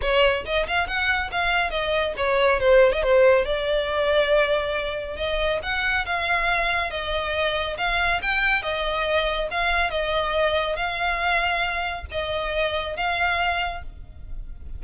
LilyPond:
\new Staff \with { instrumentName = "violin" } { \time 4/4 \tempo 4 = 139 cis''4 dis''8 f''8 fis''4 f''4 | dis''4 cis''4 c''8. dis''16 c''4 | d''1 | dis''4 fis''4 f''2 |
dis''2 f''4 g''4 | dis''2 f''4 dis''4~ | dis''4 f''2. | dis''2 f''2 | }